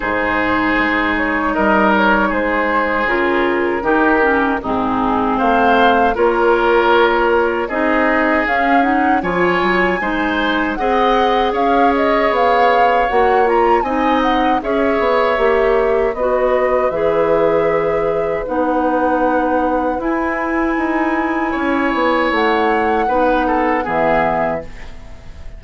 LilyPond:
<<
  \new Staff \with { instrumentName = "flute" } { \time 4/4 \tempo 4 = 78 c''4. cis''8 dis''8 cis''8 c''4 | ais'2 gis'4 f''4 | cis''2 dis''4 f''8 fis''8 | gis''2 fis''4 f''8 dis''8 |
f''4 fis''8 ais''8 gis''8 fis''8 e''4~ | e''4 dis''4 e''2 | fis''2 gis''2~ | gis''4 fis''2 e''4 | }
  \new Staff \with { instrumentName = "oboe" } { \time 4/4 gis'2 ais'4 gis'4~ | gis'4 g'4 dis'4 c''4 | ais'2 gis'2 | cis''4 c''4 dis''4 cis''4~ |
cis''2 dis''4 cis''4~ | cis''4 b'2.~ | b'1 | cis''2 b'8 a'8 gis'4 | }
  \new Staff \with { instrumentName = "clarinet" } { \time 4/4 dis'1 | f'4 dis'8 cis'8 c'2 | f'2 dis'4 cis'8 dis'8 | f'4 dis'4 gis'2~ |
gis'4 fis'8 f'8 dis'4 gis'4 | g'4 fis'4 gis'2 | dis'2 e'2~ | e'2 dis'4 b4 | }
  \new Staff \with { instrumentName = "bassoon" } { \time 4/4 gis,4 gis4 g4 gis4 | cis4 dis4 gis,4 a4 | ais2 c'4 cis'4 | f8 fis8 gis4 c'4 cis'4 |
b4 ais4 c'4 cis'8 b8 | ais4 b4 e2 | b2 e'4 dis'4 | cis'8 b8 a4 b4 e4 | }
>>